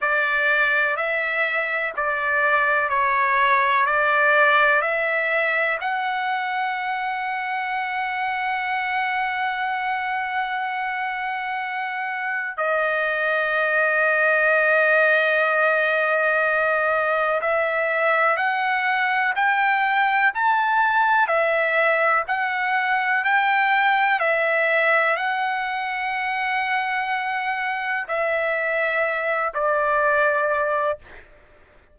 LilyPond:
\new Staff \with { instrumentName = "trumpet" } { \time 4/4 \tempo 4 = 62 d''4 e''4 d''4 cis''4 | d''4 e''4 fis''2~ | fis''1~ | fis''4 dis''2.~ |
dis''2 e''4 fis''4 | g''4 a''4 e''4 fis''4 | g''4 e''4 fis''2~ | fis''4 e''4. d''4. | }